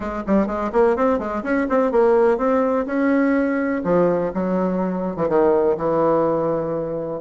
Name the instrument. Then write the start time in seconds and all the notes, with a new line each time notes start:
bassoon
0.00 G#3
0.27 G3
0.46 G#3
0.72 A#3
0.96 C4
1.18 G#3
1.43 C#4
1.69 C4
1.91 A#3
2.37 C4
2.86 C#4
3.84 F3
4.34 F#3
5.16 E3
5.28 D#3
5.77 E3